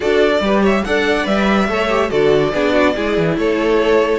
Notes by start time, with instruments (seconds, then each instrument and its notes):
0.00 cello D4, viola F#4, violin A4 D5
0.40 cello G3, viola G4, violin B4
0.62 violin C#5 E5
0.84 cello D4, viola A4, violin D5 F#5
1.23 cello G3, viola B4, violin E5
1.68 cello A3, viola A4, violin C#5
1.89 viola G4
2.09 cello D3, viola F#4, violin A4 D5
2.53 cello B3, viola D4, violin G#4
2.72 violin F#4
2.95 cello G#3, viola E4, violin G#4
3.17 cello E3
3.37 cello A3, violin A4 C#5